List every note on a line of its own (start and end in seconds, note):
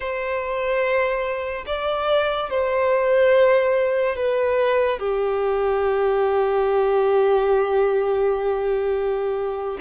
0.00 1.64 C5
1.66 2.50 D5
2.50 4.16 C5
4.16 4.98 B4
4.98 9.78 G4